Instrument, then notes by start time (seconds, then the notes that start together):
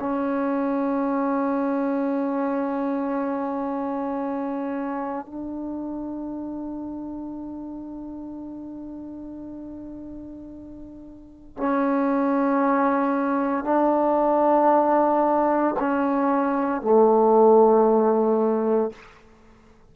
trombone
0.00 C#4
5.26 D4
11.57 C#4
13.65 D4
15.79 C#4
16.82 A3